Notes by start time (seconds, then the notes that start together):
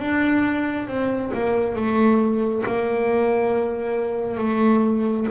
0.00 D4
0.88 C4
1.34 A#3
1.76 A3
2.66 A#3
4.38 A3